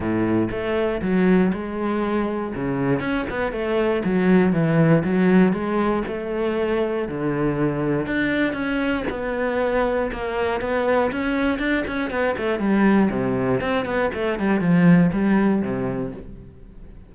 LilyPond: \new Staff \with { instrumentName = "cello" } { \time 4/4 \tempo 4 = 119 a,4 a4 fis4 gis4~ | gis4 cis4 cis'8 b8 a4 | fis4 e4 fis4 gis4 | a2 d2 |
d'4 cis'4 b2 | ais4 b4 cis'4 d'8 cis'8 | b8 a8 g4 c4 c'8 b8 | a8 g8 f4 g4 c4 | }